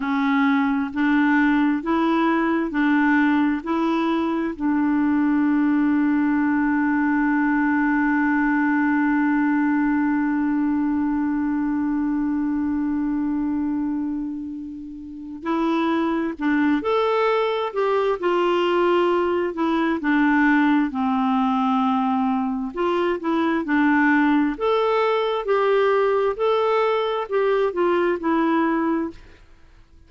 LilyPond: \new Staff \with { instrumentName = "clarinet" } { \time 4/4 \tempo 4 = 66 cis'4 d'4 e'4 d'4 | e'4 d'2.~ | d'1~ | d'1~ |
d'4 e'4 d'8 a'4 g'8 | f'4. e'8 d'4 c'4~ | c'4 f'8 e'8 d'4 a'4 | g'4 a'4 g'8 f'8 e'4 | }